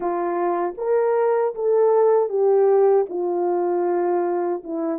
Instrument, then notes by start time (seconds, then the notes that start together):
horn
0.00 F4
0.77 A#4
1.55 A4
2.29 G4
3.09 F4
4.63 E4